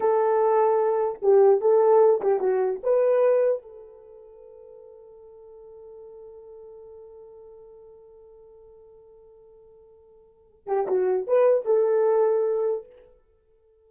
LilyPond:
\new Staff \with { instrumentName = "horn" } { \time 4/4 \tempo 4 = 149 a'2. g'4 | a'4. g'8 fis'4 b'4~ | b'4 a'2.~ | a'1~ |
a'1~ | a'1~ | a'2~ a'8 g'8 fis'4 | b'4 a'2. | }